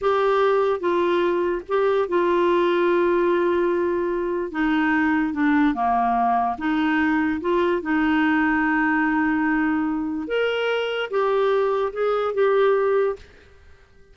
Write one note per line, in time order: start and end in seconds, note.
0.01 0.79 G4
0.79 1.62 F4
1.68 2.08 G4
2.08 4.51 F4
4.51 5.33 D#4
5.33 5.74 D4
5.74 6.56 A#3
6.58 7.40 D#4
7.41 7.82 F4
7.82 10.27 D#4
10.27 11.09 A#4
11.10 11.92 G4
11.93 12.34 G#4
12.34 13.16 G4